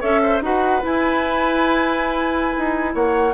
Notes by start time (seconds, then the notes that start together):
0.00 C#4 A4 C#5 E5
0.23 C5
0.41 D#4 F#4 B4 F#5
0.81 E4 G#5
2.58 D#4
2.94 A#3 C#5 F#5